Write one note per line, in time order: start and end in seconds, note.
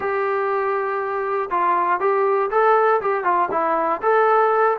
0.00 1.49 G4
1.50 2.00 F4
2.00 2.50 G4
2.50 3.00 A4
3.01 3.24 G4
3.24 3.49 F4
3.51 4.01 E4
4.02 4.77 A4